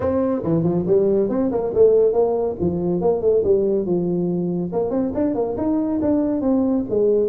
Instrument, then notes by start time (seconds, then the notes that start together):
tuba
0.00 C4
0.43 E3
0.63 F3
0.86 G3
1.29 C4
1.51 A#3
1.74 A3
2.12 A#3
2.60 F3
3.01 A#3
3.21 A3
3.43 G3
3.85 F3
4.72 A#3
4.90 C4
5.14 D4
5.34 A#3
5.57 D#4
6.01 D4
6.41 C4
6.89 G#3